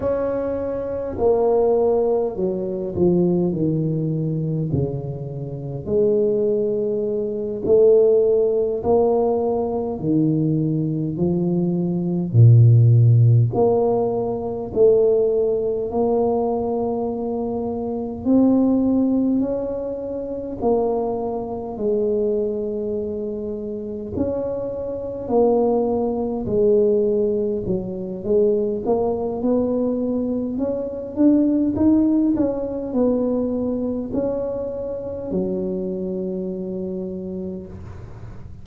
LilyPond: \new Staff \with { instrumentName = "tuba" } { \time 4/4 \tempo 4 = 51 cis'4 ais4 fis8 f8 dis4 | cis4 gis4. a4 ais8~ | ais8 dis4 f4 ais,4 ais8~ | ais8 a4 ais2 c'8~ |
c'8 cis'4 ais4 gis4.~ | gis8 cis'4 ais4 gis4 fis8 | gis8 ais8 b4 cis'8 d'8 dis'8 cis'8 | b4 cis'4 fis2 | }